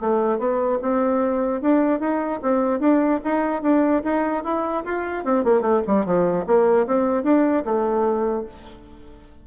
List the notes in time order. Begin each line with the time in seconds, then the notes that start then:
0.00 A3
0.38 B3
0.81 C4
1.61 D4
1.99 D#4
2.42 C4
2.79 D4
3.24 D#4
3.62 D4
4.03 D#4
4.43 E4
4.84 F4
5.24 C4
5.44 A#3
5.61 A3
5.87 G3
6.05 F3
6.46 A#3
6.86 C4
7.23 D4
7.65 A3